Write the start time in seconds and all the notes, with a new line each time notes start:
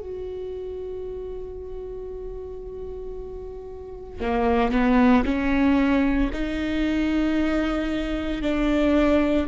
0.00 F#4
4.21 A#3
4.72 B3
5.25 C#4
6.33 D#4
8.43 D4